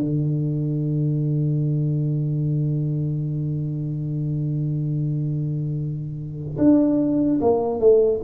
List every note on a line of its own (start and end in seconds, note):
0.00 6.58 D3
6.58 7.40 D4
7.41 7.80 A#3
7.80 8.21 A3